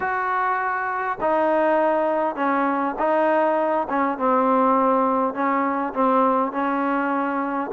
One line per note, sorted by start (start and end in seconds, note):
0.00 1.18 F#4
1.20 2.35 D#4
2.35 2.95 C#4
2.98 3.87 D#4
3.89 4.17 C#4
4.17 5.34 C4
5.34 5.93 C#4
5.93 6.52 C4
6.52 7.70 C#4